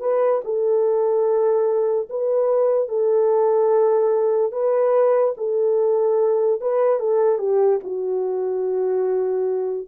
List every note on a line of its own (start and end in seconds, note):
0.00 0.41 B4
0.44 2.09 A4
2.10 2.89 B4
2.89 4.52 A4
4.52 5.34 B4
5.38 6.61 A4
6.61 7.00 B4
7.00 7.39 A4
7.39 7.80 G4
7.84 9.88 F#4